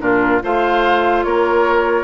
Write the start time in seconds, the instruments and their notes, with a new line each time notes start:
0.00 bassoon A#2, clarinet D4, oboe F4, flute A#4
0.42 bassoon A3, clarinet F4, oboe C5, flute F5
1.24 bassoon A#3, oboe A#4, flute C#5